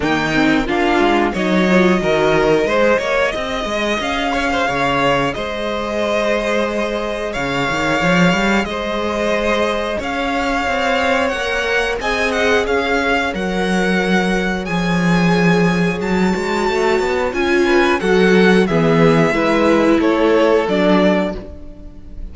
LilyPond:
<<
  \new Staff \with { instrumentName = "violin" } { \time 4/4 \tempo 4 = 90 g''4 f''4 dis''2~ | dis''2 f''2 | dis''2. f''4~ | f''4 dis''2 f''4~ |
f''4 fis''4 gis''8 fis''8 f''4 | fis''2 gis''2 | a''2 gis''4 fis''4 | e''2 cis''4 d''4 | }
  \new Staff \with { instrumentName = "violin" } { \time 4/4 dis'4 f'4 cis''4 ais'4 | c''8 cis''8 dis''4. cis''16 c''16 cis''4 | c''2. cis''4~ | cis''4 c''2 cis''4~ |
cis''2 dis''4 cis''4~ | cis''1~ | cis''2~ cis''8 b'8 a'4 | gis'4 b'4 a'2 | }
  \new Staff \with { instrumentName = "viola" } { \time 4/4 ais8 c'8 d'4 dis'8 f'8 fis'4 | gis'1~ | gis'1~ | gis'1~ |
gis'4 ais'4 gis'2 | ais'2 gis'2~ | gis'8 fis'4. f'4 fis'4 | b4 e'2 d'4 | }
  \new Staff \with { instrumentName = "cello" } { \time 4/4 dis4 ais8 gis8 fis4 dis4 | gis8 ais8 c'8 gis8 cis'4 cis4 | gis2. cis8 dis8 | f8 g8 gis2 cis'4 |
c'4 ais4 c'4 cis'4 | fis2 f2 | fis8 gis8 a8 b8 cis'4 fis4 | e4 gis4 a4 fis4 | }
>>